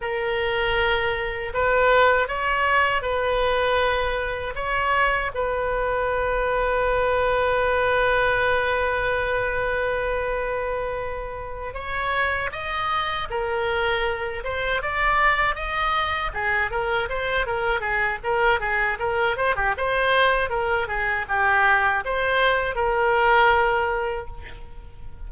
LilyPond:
\new Staff \with { instrumentName = "oboe" } { \time 4/4 \tempo 4 = 79 ais'2 b'4 cis''4 | b'2 cis''4 b'4~ | b'1~ | b'2.~ b'8 cis''8~ |
cis''8 dis''4 ais'4. c''8 d''8~ | d''8 dis''4 gis'8 ais'8 c''8 ais'8 gis'8 | ais'8 gis'8 ais'8 c''16 g'16 c''4 ais'8 gis'8 | g'4 c''4 ais'2 | }